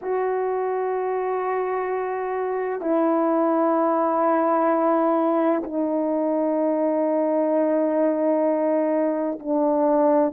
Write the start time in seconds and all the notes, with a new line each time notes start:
0.01 F#4
2.81 E4
5.63 D#4
9.39 D4